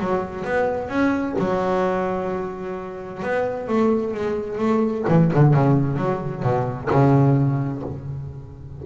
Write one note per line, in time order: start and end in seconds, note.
0.00 0.45 F#3
0.45 0.89 B3
0.89 1.36 C#4
1.39 3.23 F#3
3.23 3.68 B3
3.68 4.15 A3
4.15 4.59 G#3
4.59 5.05 A3
5.09 5.32 E3
5.34 5.54 D3
5.54 5.97 C#3
5.97 6.43 F#3
6.43 6.89 B2
6.91 7.83 C#3